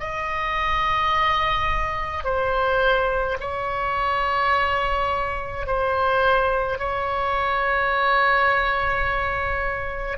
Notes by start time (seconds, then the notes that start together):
0.00 D#5
2.25 C5
3.41 C#5
5.67 C5
6.79 C#5